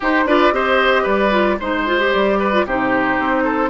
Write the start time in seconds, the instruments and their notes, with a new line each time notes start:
0.00 bassoon D#4, clarinet D#4, oboe G4, flute C5
0.25 bassoon D4, clarinet F4, oboe B4, flute D5
0.52 bassoon C4, clarinet G4, oboe C5, flute D#5
1.03 bassoon G3, oboe B4, flute D5
1.31 clarinet F4
1.59 bassoon G#3, clarinet D#4, flute C5, oboe C5
1.86 clarinet F4
1.99 clarinet G4
2.12 bassoon G3, flute D5
2.39 oboe B4
2.52 clarinet F4
2.65 bassoon C3, clarinet D#4, oboe G4, flute C5
3.18 bassoon C4
3.43 oboe A4